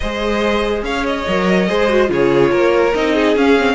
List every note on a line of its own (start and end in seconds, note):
0.00 0.82 G#3
0.00 1.27 G#4
0.00 0.84 C5
0.00 0.83 D#5
0.82 1.24 C#4
0.82 1.68 C#5
0.82 1.05 F5
1.06 2.11 D#5
1.27 1.69 F#3
1.27 1.68 A#4
1.68 2.09 G#3
1.68 1.89 G#4
1.68 2.10 C5
1.89 2.06 F#4
2.06 2.51 C#3
2.06 2.90 F4
2.06 2.51 G#4
2.06 2.94 C#5
2.51 2.93 A#3
2.51 3.14 A#4
2.94 3.35 C4
2.94 3.36 D#4
2.94 3.36 D#5
3.15 3.75 G#4
3.35 3.75 C#4
3.35 3.57 C#4
3.35 3.75 F5
3.59 3.75 C4